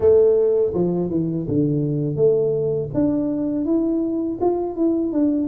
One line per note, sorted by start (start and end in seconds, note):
0.00 0.72 A3
0.74 1.10 F3
1.10 1.46 E3
1.48 2.16 D3
2.16 2.89 A3
2.94 3.65 D4
3.65 4.38 E4
4.41 4.76 F4
4.76 5.12 E4
5.12 5.47 D4